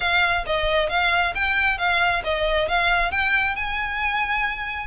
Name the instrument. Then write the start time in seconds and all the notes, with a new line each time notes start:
violin
0.00 F5
0.46 D#5
0.89 F5
1.34 G5
1.77 F5
2.24 D#5
2.68 F5
3.11 G5
3.55 G#5